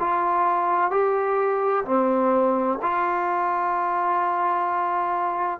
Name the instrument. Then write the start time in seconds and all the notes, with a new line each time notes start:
trombone
0.00 F4
0.91 G4
1.85 C4
2.83 F4